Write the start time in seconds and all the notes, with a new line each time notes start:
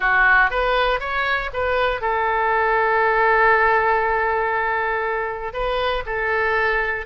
0.00 F#4
0.50 B4
0.99 C#5
1.53 B4
2.01 A4
5.53 B4
6.05 A4